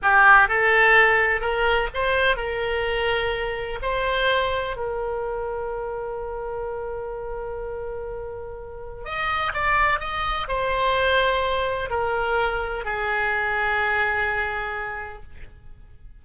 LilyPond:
\new Staff \with { instrumentName = "oboe" } { \time 4/4 \tempo 4 = 126 g'4 a'2 ais'4 | c''4 ais'2. | c''2 ais'2~ | ais'1~ |
ais'2. dis''4 | d''4 dis''4 c''2~ | c''4 ais'2 gis'4~ | gis'1 | }